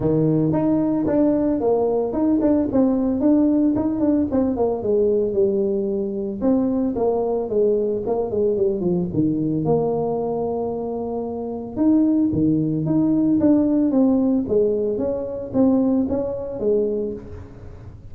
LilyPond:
\new Staff \with { instrumentName = "tuba" } { \time 4/4 \tempo 4 = 112 dis4 dis'4 d'4 ais4 | dis'8 d'8 c'4 d'4 dis'8 d'8 | c'8 ais8 gis4 g2 | c'4 ais4 gis4 ais8 gis8 |
g8 f8 dis4 ais2~ | ais2 dis'4 dis4 | dis'4 d'4 c'4 gis4 | cis'4 c'4 cis'4 gis4 | }